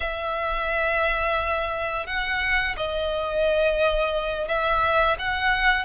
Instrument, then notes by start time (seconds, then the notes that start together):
violin
0.00 E5
2.06 F#5
2.76 D#5
4.47 E5
5.18 F#5